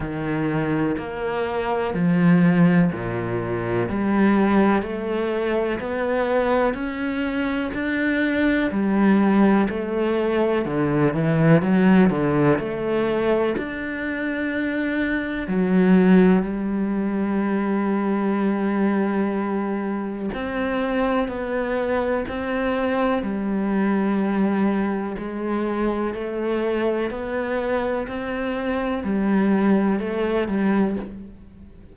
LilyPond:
\new Staff \with { instrumentName = "cello" } { \time 4/4 \tempo 4 = 62 dis4 ais4 f4 ais,4 | g4 a4 b4 cis'4 | d'4 g4 a4 d8 e8 | fis8 d8 a4 d'2 |
fis4 g2.~ | g4 c'4 b4 c'4 | g2 gis4 a4 | b4 c'4 g4 a8 g8 | }